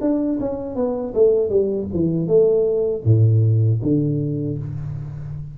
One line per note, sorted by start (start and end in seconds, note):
0.00 0.38 D4
0.39 0.75 C#4
0.75 1.13 B3
1.14 1.49 A3
1.49 1.87 G3
1.93 2.27 E3
2.27 3.03 A3
3.04 3.80 A2
3.82 4.58 D3